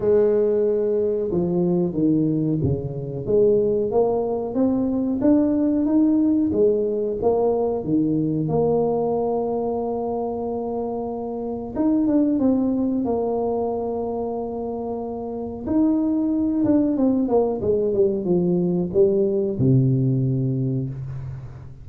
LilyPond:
\new Staff \with { instrumentName = "tuba" } { \time 4/4 \tempo 4 = 92 gis2 f4 dis4 | cis4 gis4 ais4 c'4 | d'4 dis'4 gis4 ais4 | dis4 ais2.~ |
ais2 dis'8 d'8 c'4 | ais1 | dis'4. d'8 c'8 ais8 gis8 g8 | f4 g4 c2 | }